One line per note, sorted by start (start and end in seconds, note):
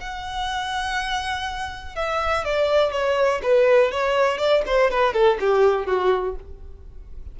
0.00 1.95 F#5
1.95 2.44 E5
2.44 2.92 D5
2.92 3.41 C#5
3.42 3.91 B4
3.91 4.38 C#5
4.38 4.62 D5
4.66 4.90 C5
4.90 5.13 B4
5.13 5.38 A4
5.40 5.86 G4
5.86 6.35 F#4